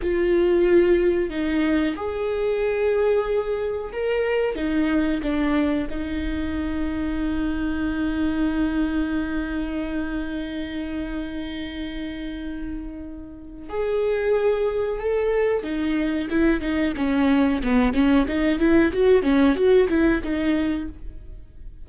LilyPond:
\new Staff \with { instrumentName = "viola" } { \time 4/4 \tempo 4 = 92 f'2 dis'4 gis'4~ | gis'2 ais'4 dis'4 | d'4 dis'2.~ | dis'1~ |
dis'1~ | dis'4 gis'2 a'4 | dis'4 e'8 dis'8 cis'4 b8 cis'8 | dis'8 e'8 fis'8 cis'8 fis'8 e'8 dis'4 | }